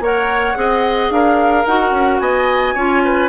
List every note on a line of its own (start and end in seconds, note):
0.00 0.55 A#3
0.00 0.55 A#4
0.00 0.57 C#5
0.00 1.11 F#5
0.55 1.10 C4
0.55 1.64 G#4
0.55 1.14 D#5
1.10 1.65 D4
1.10 2.21 A#4
1.10 1.66 F5
1.66 1.91 D#4
1.66 2.76 F#4
1.66 2.20 F#5
1.91 2.18 C#4
2.20 2.74 B3
2.20 2.74 D#5
2.20 3.29 G#5
2.74 3.29 C#4
2.74 3.29 F4
2.74 3.02 C#5
3.04 3.29 B4